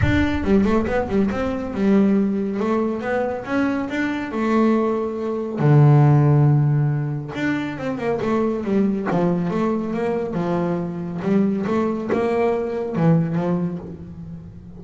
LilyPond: \new Staff \with { instrumentName = "double bass" } { \time 4/4 \tempo 4 = 139 d'4 g8 a8 b8 g8 c'4 | g2 a4 b4 | cis'4 d'4 a2~ | a4 d2.~ |
d4 d'4 c'8 ais8 a4 | g4 f4 a4 ais4 | f2 g4 a4 | ais2 e4 f4 | }